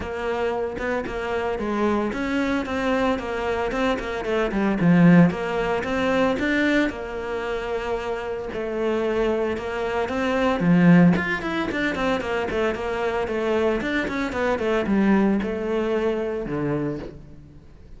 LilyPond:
\new Staff \with { instrumentName = "cello" } { \time 4/4 \tempo 4 = 113 ais4. b8 ais4 gis4 | cis'4 c'4 ais4 c'8 ais8 | a8 g8 f4 ais4 c'4 | d'4 ais2. |
a2 ais4 c'4 | f4 f'8 e'8 d'8 c'8 ais8 a8 | ais4 a4 d'8 cis'8 b8 a8 | g4 a2 d4 | }